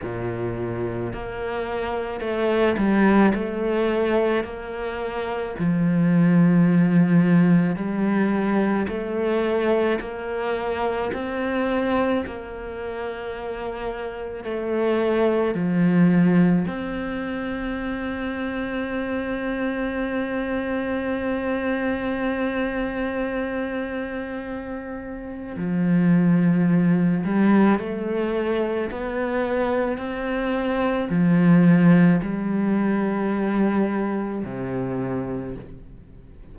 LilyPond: \new Staff \with { instrumentName = "cello" } { \time 4/4 \tempo 4 = 54 ais,4 ais4 a8 g8 a4 | ais4 f2 g4 | a4 ais4 c'4 ais4~ | ais4 a4 f4 c'4~ |
c'1~ | c'2. f4~ | f8 g8 a4 b4 c'4 | f4 g2 c4 | }